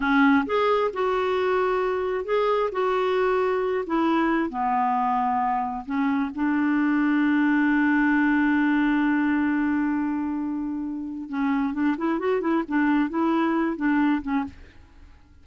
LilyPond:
\new Staff \with { instrumentName = "clarinet" } { \time 4/4 \tempo 4 = 133 cis'4 gis'4 fis'2~ | fis'4 gis'4 fis'2~ | fis'8 e'4. b2~ | b4 cis'4 d'2~ |
d'1~ | d'1~ | d'4 cis'4 d'8 e'8 fis'8 e'8 | d'4 e'4. d'4 cis'8 | }